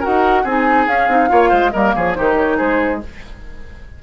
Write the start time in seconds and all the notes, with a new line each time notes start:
0.00 F#4 A#4 F#5
0.07 D#4
0.44 C4 D#4 G#4 G#5
0.88 C#4 F5
1.08 C4 D#4
1.29 A#3 F4 C#5
1.50 G#3 C5
1.71 G3 A#3 A#4 D#5
1.96 F3 G#4 C#5
2.14 D#3 D#4 G4 C5
2.37 C#5
2.58 G#3 G#4 C5